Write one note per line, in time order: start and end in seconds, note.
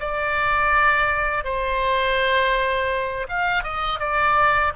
0.00 1.44 D5
1.44 3.27 C5
3.29 3.64 F5
3.64 4.00 D#5
4.00 4.73 D5